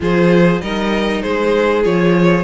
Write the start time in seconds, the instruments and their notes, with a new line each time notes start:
0.00 cello F3, viola F4, violin G#4 C5
0.61 cello G3, viola D#4, violin A#4 D#5
1.22 cello G#3, violin G#4 C5
1.84 cello F3, viola F4, violin C#5